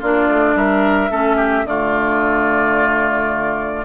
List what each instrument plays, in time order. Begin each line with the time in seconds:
0.00 bassoon A#3, clarinet D4, oboe F4, flute D5
0.28 bassoon A3
0.55 bassoon G3, oboe A#4, flute E5
1.10 bassoon A3, clarinet C#4, oboe A4
1.37 oboe G4
1.64 bassoon D3, clarinet A3, oboe F4, flute D5